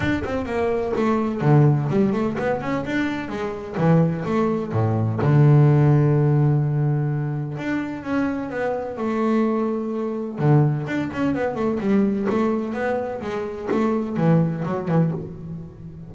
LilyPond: \new Staff \with { instrumentName = "double bass" } { \time 4/4 \tempo 4 = 127 d'8 c'8 ais4 a4 d4 | g8 a8 b8 cis'8 d'4 gis4 | e4 a4 a,4 d4~ | d1 |
d'4 cis'4 b4 a4~ | a2 d4 d'8 cis'8 | b8 a8 g4 a4 b4 | gis4 a4 e4 fis8 e8 | }